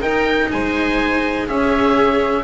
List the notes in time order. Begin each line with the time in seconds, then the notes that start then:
0.00 D#4 A#4 G5
0.51 G#3 C5 G#5
1.47 C#4 G#4 E5